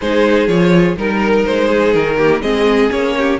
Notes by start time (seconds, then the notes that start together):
0.00 G#3 D#4 G#4 C5
0.47 F3 F4 C#5
0.96 G3 D#4 A#4
1.45 G#3 C5
1.67 G#4
1.93 D#3 A#4
2.17 A#3 G4
2.41 G#3 C4 G#4 D#5
2.90 A#3 C#4 C#5
3.17 G4